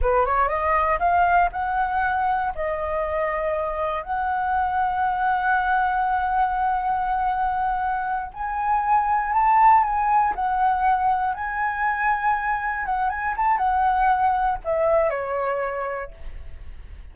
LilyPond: \new Staff \with { instrumentName = "flute" } { \time 4/4 \tempo 4 = 119 b'8 cis''8 dis''4 f''4 fis''4~ | fis''4 dis''2. | fis''1~ | fis''1~ |
fis''8 gis''2 a''4 gis''8~ | gis''8 fis''2 gis''4.~ | gis''4. fis''8 gis''8 a''8 fis''4~ | fis''4 e''4 cis''2 | }